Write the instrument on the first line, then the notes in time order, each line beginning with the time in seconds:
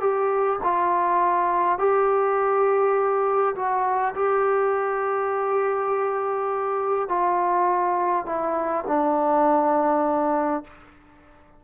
trombone
0.00 G4
0.63 F4
1.78 G4
3.55 F#4
4.14 G4
7.08 F4
8.26 E4
8.87 D4